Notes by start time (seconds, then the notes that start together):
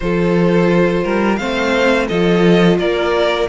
0.00 F3 F4 A4 C5
1.04 G3 A#4
1.36 A3 C4 C5 F5
2.07 F3 F4 A4 D#5
2.78 A#3 A#4 D5